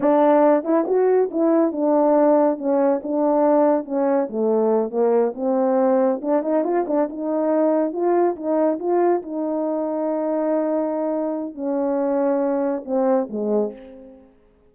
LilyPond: \new Staff \with { instrumentName = "horn" } { \time 4/4 \tempo 4 = 140 d'4. e'8 fis'4 e'4 | d'2 cis'4 d'4~ | d'4 cis'4 a4. ais8~ | ais8 c'2 d'8 dis'8 f'8 |
d'8 dis'2 f'4 dis'8~ | dis'8 f'4 dis'2~ dis'8~ | dis'2. cis'4~ | cis'2 c'4 gis4 | }